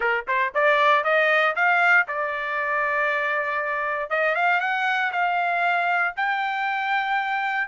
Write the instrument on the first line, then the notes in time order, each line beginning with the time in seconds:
trumpet
0.00 A#4
0.27 C5
0.54 D5
1.03 D#5
1.55 F5
2.07 D5
4.10 D#5
4.35 F5
4.60 F#5
5.11 F5
6.16 G5